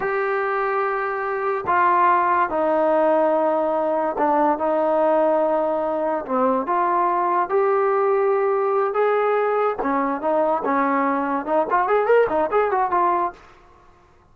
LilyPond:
\new Staff \with { instrumentName = "trombone" } { \time 4/4 \tempo 4 = 144 g'1 | f'2 dis'2~ | dis'2 d'4 dis'4~ | dis'2. c'4 |
f'2 g'2~ | g'4. gis'2 cis'8~ | cis'8 dis'4 cis'2 dis'8 | f'8 gis'8 ais'8 dis'8 gis'8 fis'8 f'4 | }